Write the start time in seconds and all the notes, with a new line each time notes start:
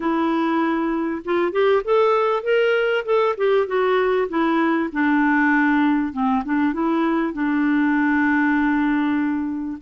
0.00 E4
1.24 F4
1.51 G4
1.84 A4
2.43 A#4
3.05 A4
3.37 G4
3.67 F#4
4.28 E4
4.92 D4
6.12 C4
6.44 D4
6.73 E4
7.33 D4